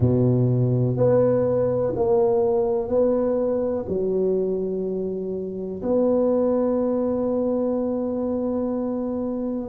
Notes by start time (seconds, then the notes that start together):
0.00 B2
0.96 B3
1.95 A#3
2.88 B3
3.88 F#3
5.82 B3